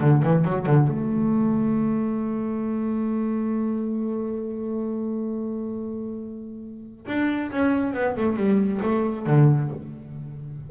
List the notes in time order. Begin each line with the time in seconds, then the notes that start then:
0.00 D3
0.22 E3
0.44 F#3
0.65 D3
0.87 A3
7.06 D4
7.51 C#4
7.93 B3
8.16 A3
8.36 G3
8.82 A3
9.26 D3